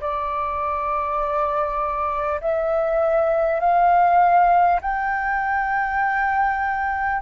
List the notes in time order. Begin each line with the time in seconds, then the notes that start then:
0.00 D5
2.41 E5
3.59 F5
4.81 G5